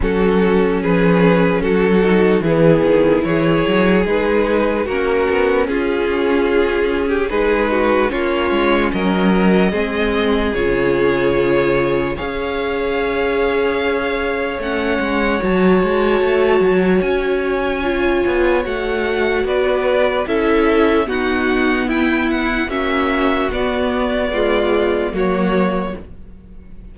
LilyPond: <<
  \new Staff \with { instrumentName = "violin" } { \time 4/4 \tempo 4 = 74 a'4 b'4 a'4 gis'4 | cis''4 b'4 ais'4 gis'4~ | gis'4 b'4 cis''4 dis''4~ | dis''4 cis''2 f''4~ |
f''2 fis''4 a''4~ | a''4 gis''2 fis''4 | d''4 e''4 fis''4 g''8 fis''8 | e''4 d''2 cis''4 | }
  \new Staff \with { instrumentName = "violin" } { \time 4/4 fis'4 gis'4 fis'4 b4 | gis'2 fis'4 f'4~ | f'8. g'16 gis'8 fis'8 f'4 ais'4 | gis'2. cis''4~ |
cis''1~ | cis''1 | b'4 a'4 fis'4 e'4 | fis'2 f'4 fis'4 | }
  \new Staff \with { instrumentName = "viola" } { \time 4/4 cis'2~ cis'8 dis'8 e'4~ | e'4 dis'4 cis'2~ | cis'4 dis'4 cis'2 | c'4 f'2 gis'4~ |
gis'2 cis'4 fis'4~ | fis'2 f'4 fis'4~ | fis'4 e'4 b2 | cis'4 b4 gis4 ais4 | }
  \new Staff \with { instrumentName = "cello" } { \time 4/4 fis4 f4 fis4 e8 dis8 | e8 fis8 gis4 ais8 b8 cis'4~ | cis'4 gis4 ais8 gis8 fis4 | gis4 cis2 cis'4~ |
cis'2 a8 gis8 fis8 gis8 | a8 fis8 cis'4. b8 a4 | b4 cis'4 dis'4 e'4 | ais4 b2 fis4 | }
>>